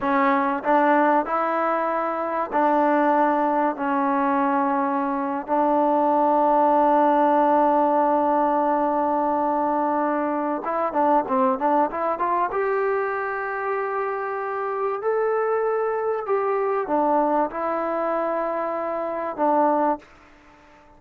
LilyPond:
\new Staff \with { instrumentName = "trombone" } { \time 4/4 \tempo 4 = 96 cis'4 d'4 e'2 | d'2 cis'2~ | cis'8. d'2.~ d'16~ | d'1~ |
d'4 e'8 d'8 c'8 d'8 e'8 f'8 | g'1 | a'2 g'4 d'4 | e'2. d'4 | }